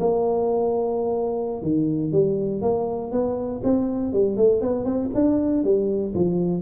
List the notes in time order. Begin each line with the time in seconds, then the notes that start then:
0.00 A#3
1.62 D#3
2.12 G3
2.62 A#3
3.12 B3
3.64 C4
4.13 G3
4.37 A3
4.61 B3
4.85 C4
5.15 D4
5.64 G3
6.15 F3